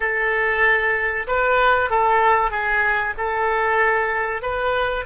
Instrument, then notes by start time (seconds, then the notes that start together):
oboe
0.00 A4
1.27 B4
1.89 A4
2.50 G#4
3.17 A4
4.42 B4